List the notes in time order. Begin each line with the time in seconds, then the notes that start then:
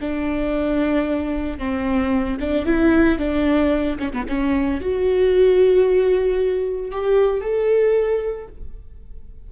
0.00 D4
1.58 C4
2.40 D4
2.65 E4
3.18 D4
3.98 C#4
4.12 B3
4.28 C#4
4.81 F#4
6.91 G4
7.40 A4